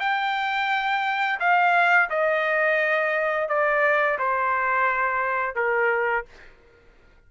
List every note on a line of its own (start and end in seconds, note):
0.00 1.40 G5
1.40 2.09 F5
2.10 3.49 D#5
3.49 4.18 D5
4.19 5.56 C5
5.56 6.25 A#4